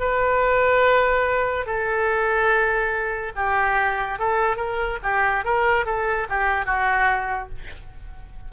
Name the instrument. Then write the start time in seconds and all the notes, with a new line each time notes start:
oboe
0.00 B4
1.66 A4
3.36 G4
4.19 A4
4.57 A#4
5.03 G4
5.45 A#4
5.86 A4
6.30 G4
6.66 F#4